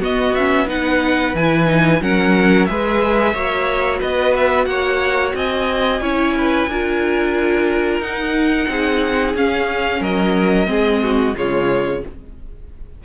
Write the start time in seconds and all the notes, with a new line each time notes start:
0.00 B3 F#4 D#5
0.34 C#4 E5
0.67 D#4 B4 F#5
1.34 E3 E4 G#5
1.66 D#4
2.01 F#3 C#4 A#4 F#5
2.65 G#3 G#4 B4 E5
3.33 A#3 F#4 C#5
3.99 B3 B4 D#5
4.35 E5
4.65 A#3 C#5 F#5
5.34 C4 D#5 G#5
6.00 C#4 E4 C#5
6.37 B4
6.67 D4 F4 A#4
8.00 D#4 F#5
8.68 C4 G#4
9.34 C#4 F5
10.00 F#3 A#4 D#5
10.66 G#3 C4 G#4
11.03 F#4
11.36 C#3 G#3 F4 C#5